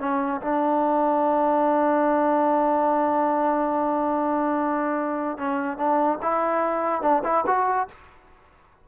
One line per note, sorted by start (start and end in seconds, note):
0.00 0.41 C#4
0.42 5.38 D4
5.38 5.78 C#4
5.78 6.19 D4
6.23 7.02 E4
7.02 7.23 D4
7.25 7.45 E4
7.47 7.88 F#4